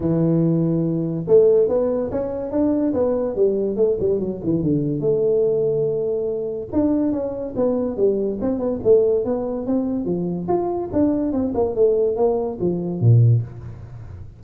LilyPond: \new Staff \with { instrumentName = "tuba" } { \time 4/4 \tempo 4 = 143 e2. a4 | b4 cis'4 d'4 b4 | g4 a8 g8 fis8 e8 d4 | a1 |
d'4 cis'4 b4 g4 | c'8 b8 a4 b4 c'4 | f4 f'4 d'4 c'8 ais8 | a4 ais4 f4 ais,4 | }